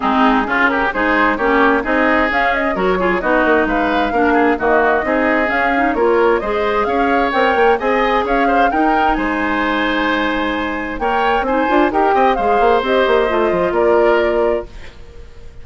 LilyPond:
<<
  \new Staff \with { instrumentName = "flute" } { \time 4/4 \tempo 4 = 131 gis'4. ais'8 c''4 cis''4 | dis''4 f''8 dis''8 cis''4 dis''4 | f''2 dis''2 | f''4 cis''4 dis''4 f''4 |
g''4 gis''4 f''4 g''4 | gis''1 | g''4 gis''4 g''4 f''4 | dis''2 d''2 | }
  \new Staff \with { instrumentName = "oboe" } { \time 4/4 dis'4 f'8 g'8 gis'4 g'4 | gis'2 ais'8 gis'8 fis'4 | b'4 ais'8 gis'8 fis'4 gis'4~ | gis'4 ais'4 c''4 cis''4~ |
cis''4 dis''4 cis''8 c''8 ais'4 | c''1 | cis''4 c''4 ais'8 dis''8 c''4~ | c''2 ais'2 | }
  \new Staff \with { instrumentName = "clarinet" } { \time 4/4 c'4 cis'4 dis'4 cis'4 | dis'4 cis'4 fis'8 f'8 dis'4~ | dis'4 d'4 ais4 dis'4 | cis'8 dis'8 f'4 gis'2 |
ais'4 gis'2 dis'4~ | dis'1 | ais'4 dis'8 f'8 g'4 gis'4 | g'4 f'2. | }
  \new Staff \with { instrumentName = "bassoon" } { \time 4/4 gis4 cis4 gis4 ais4 | c'4 cis'4 fis4 b8 ais8 | gis4 ais4 dis4 c'4 | cis'4 ais4 gis4 cis'4 |
c'8 ais8 c'4 cis'4 dis'4 | gis1 | ais4 c'8 d'8 dis'8 c'8 gis8 ais8 | c'8 ais8 a8 f8 ais2 | }
>>